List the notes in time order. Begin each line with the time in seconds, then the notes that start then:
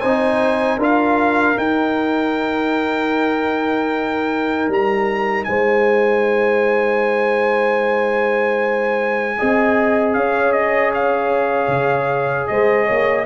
0.00 C4 D#4 C5 G#5
0.77 D4 F4 A#4 F5
1.55 D#4 G5
4.68 G3 A#5
5.44 G#3 C5 G#5
9.38 C4 G#4 D#5
10.13 C#4 C#5 F5
10.52 D#5
10.94 F5
11.67 C#3
12.47 G#3 C5 D#5
12.85 A#3 C#5